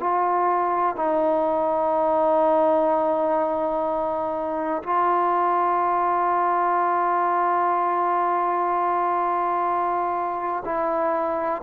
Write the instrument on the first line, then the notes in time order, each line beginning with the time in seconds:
trombone
0.00 F4
0.96 D#4
4.83 F4
10.65 E4